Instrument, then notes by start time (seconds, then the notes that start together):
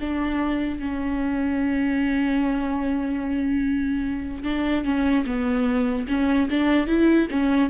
viola
0.00 D4
0.79 C#4
4.44 D4
4.84 C#4
5.26 B3
6.08 C#4
6.50 D4
6.87 E4
7.30 C#4